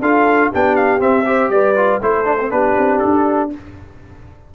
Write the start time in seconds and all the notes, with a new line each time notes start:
0.00 D4 F4 A4 F5
0.51 B3 D4 G4 G5
0.75 F5
0.99 C4 E5
1.25 G4 C5
1.49 G3 B4 D5
1.75 F4
2.01 A3 E4 A4 C5
2.24 D4
2.39 C4
2.50 B3 D4 G4 B4
2.77 C4
2.99 D4 A4